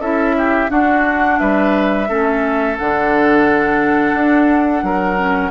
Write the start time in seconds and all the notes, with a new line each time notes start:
0.00 C#4 E4 A4 E5
0.38 G4
0.69 D4 F#4 F#5
1.39 G3 B4 E5
2.09 A3 C#4 A4
2.79 D3 D4 F#5
4.15 D4
4.83 F#3 A#4
5.18 C#4